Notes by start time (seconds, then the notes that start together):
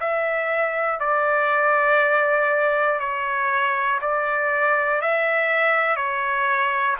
0.00 E5
1.00 D5
3.00 C#5
4.01 D5
5.02 E5
5.96 C#5